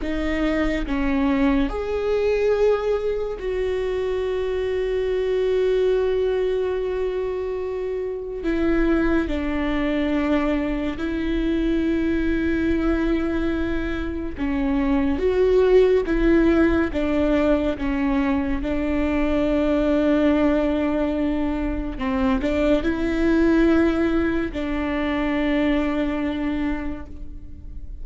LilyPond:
\new Staff \with { instrumentName = "viola" } { \time 4/4 \tempo 4 = 71 dis'4 cis'4 gis'2 | fis'1~ | fis'2 e'4 d'4~ | d'4 e'2.~ |
e'4 cis'4 fis'4 e'4 | d'4 cis'4 d'2~ | d'2 c'8 d'8 e'4~ | e'4 d'2. | }